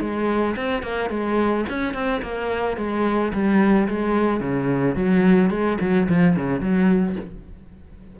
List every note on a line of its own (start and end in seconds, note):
0.00 0.55 G#3
0.56 0.82 C4
0.82 1.10 A#3
1.10 1.65 G#3
1.69 1.93 C#4
1.93 2.21 C4
2.22 2.77 A#3
2.77 3.32 G#3
3.33 3.88 G3
3.88 4.40 G#3
4.40 4.95 C#3
4.95 5.50 F#3
5.50 5.77 G#3
5.80 6.08 F#3
6.09 6.36 F3
6.36 6.60 C#3
6.60 7.15 F#3